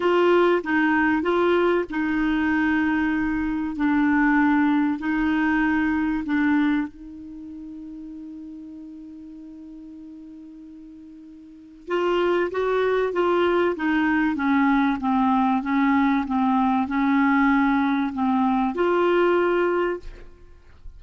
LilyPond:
\new Staff \with { instrumentName = "clarinet" } { \time 4/4 \tempo 4 = 96 f'4 dis'4 f'4 dis'4~ | dis'2 d'2 | dis'2 d'4 dis'4~ | dis'1~ |
dis'2. f'4 | fis'4 f'4 dis'4 cis'4 | c'4 cis'4 c'4 cis'4~ | cis'4 c'4 f'2 | }